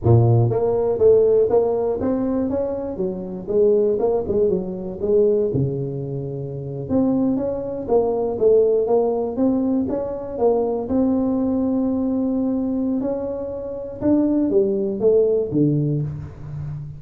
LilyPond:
\new Staff \with { instrumentName = "tuba" } { \time 4/4 \tempo 4 = 120 ais,4 ais4 a4 ais4 | c'4 cis'4 fis4 gis4 | ais8 gis8 fis4 gis4 cis4~ | cis4.~ cis16 c'4 cis'4 ais16~ |
ais8. a4 ais4 c'4 cis'16~ | cis'8. ais4 c'2~ c'16~ | c'2 cis'2 | d'4 g4 a4 d4 | }